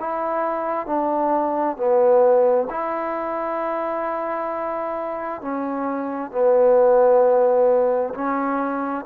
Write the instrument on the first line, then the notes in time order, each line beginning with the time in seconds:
trombone
0.00 E4
0.86 D4
1.77 B3
2.70 E4
5.42 C#4
6.32 B3
8.14 C#4